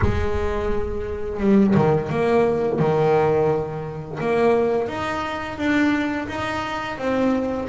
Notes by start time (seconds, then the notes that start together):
0.01 G#3
1.40 G3
1.75 D#3
2.09 A#3
2.79 D#3
4.20 A#3
4.88 D#4
5.58 D4
6.28 D#4
6.98 C4